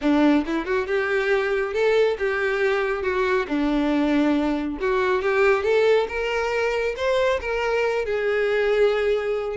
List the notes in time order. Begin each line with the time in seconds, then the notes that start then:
0.01 D4
0.46 E4
0.65 F#4
0.87 G4
1.73 A4
2.18 G4
3.02 F#4
3.48 D4
4.80 F#4
5.22 G4
5.63 A4
6.08 A#4
6.96 C5
7.40 A#4
8.05 G#4